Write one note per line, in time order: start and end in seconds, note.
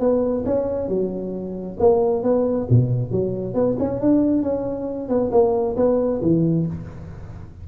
0.00 0.44 B3
0.45 0.88 C#4
0.88 1.77 F#3
1.80 2.23 A#3
2.23 2.68 B3
2.70 3.12 B2
3.12 3.55 F#3
3.55 3.77 B3
3.79 4.01 C#4
4.01 4.43 D4
4.43 5.09 C#4
5.09 5.31 B3
5.32 5.76 A#3
5.77 6.21 B3
6.22 6.66 E3